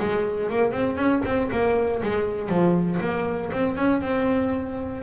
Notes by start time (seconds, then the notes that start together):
0.00 G#3
0.50 A#3
0.72 C4
0.97 C#4
1.26 C4
1.52 A#3
2.03 G#3
2.50 F3
3.01 A#3
3.53 C4
3.77 C#4
4.02 C4